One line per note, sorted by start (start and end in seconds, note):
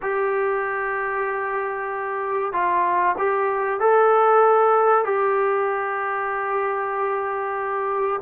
0.02 2.52 G4
2.52 3.16 F4
3.18 3.80 G4
3.80 5.04 A4
5.04 8.20 G4